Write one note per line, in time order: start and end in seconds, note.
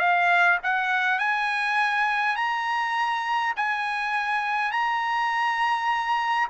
0.00 0.59 F5
0.64 1.19 F#5
1.19 2.36 G#5
2.36 3.54 A#5
3.56 4.72 G#5
4.72 6.48 A#5